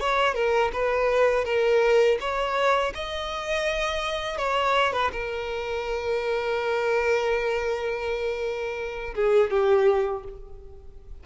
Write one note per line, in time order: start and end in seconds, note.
0.00 0.35 C#5
0.35 0.71 A#4
0.73 1.45 B4
1.45 2.18 A#4
2.21 2.94 C#5
2.95 4.38 D#5
4.38 4.93 C#5
4.93 5.12 B4
5.12 9.15 A#4
9.15 9.51 G#4
9.51 10.24 G4